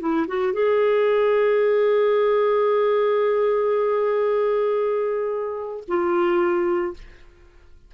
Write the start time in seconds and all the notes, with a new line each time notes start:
0.00 E4
0.28 F#4
0.53 G#4
5.88 F4